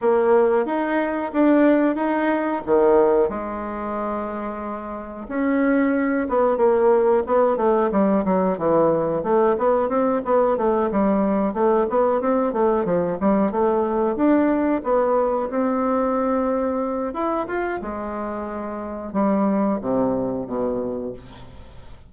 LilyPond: \new Staff \with { instrumentName = "bassoon" } { \time 4/4 \tempo 4 = 91 ais4 dis'4 d'4 dis'4 | dis4 gis2. | cis'4. b8 ais4 b8 a8 | g8 fis8 e4 a8 b8 c'8 b8 |
a8 g4 a8 b8 c'8 a8 f8 | g8 a4 d'4 b4 c'8~ | c'2 e'8 f'8 gis4~ | gis4 g4 c4 b,4 | }